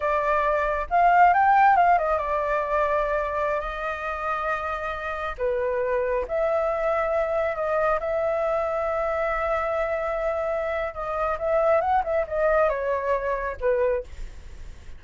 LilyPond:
\new Staff \with { instrumentName = "flute" } { \time 4/4 \tempo 4 = 137 d''2 f''4 g''4 | f''8 dis''8 d''2.~ | d''16 dis''2.~ dis''8.~ | dis''16 b'2 e''4.~ e''16~ |
e''4~ e''16 dis''4 e''4.~ e''16~ | e''1~ | e''4 dis''4 e''4 fis''8 e''8 | dis''4 cis''2 b'4 | }